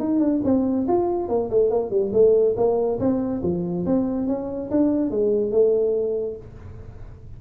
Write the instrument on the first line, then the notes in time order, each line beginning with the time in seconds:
tuba
0.00 D#4
0.20 D4
0.44 C4
0.88 F4
1.29 A#3
1.51 A3
1.70 A#3
1.91 G3
2.13 A3
2.57 A#3
3.00 C4
3.43 F3
3.86 C4
4.27 C#4
4.71 D4
5.11 G#3
5.52 A3